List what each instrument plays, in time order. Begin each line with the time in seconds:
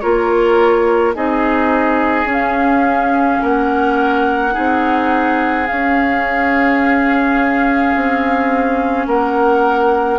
0.00 bassoon A#3, clarinet F4, oboe A#4, flute C#5
1.14 bassoon C4, clarinet D#4, oboe G#4, flute D#5
2.25 bassoon C#4, clarinet C#4
2.32 flute F5
3.42 bassoon A#3, oboe A#4, flute F#5
4.52 bassoon C4, clarinet D#4, oboe G#4
5.67 bassoon C#4, clarinet C#4, flute F5
7.95 bassoon C4
9.06 bassoon A#3, oboe A#4, flute F#5